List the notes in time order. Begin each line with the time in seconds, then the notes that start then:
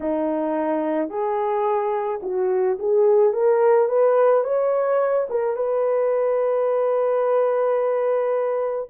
0.00 D#4
1.09 G#4
2.22 F#4
2.79 G#4
3.33 A#4
3.88 B4
4.44 C#5
5.29 A#4
5.56 B4